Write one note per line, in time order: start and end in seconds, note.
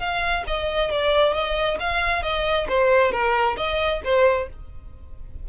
0.00 0.44 F5
0.47 0.92 D#5
0.92 1.34 D5
1.34 1.78 D#5
1.80 2.23 F5
2.23 2.67 D#5
2.69 3.12 C5
3.12 3.57 A#4
3.58 4.02 D#5
4.05 4.49 C5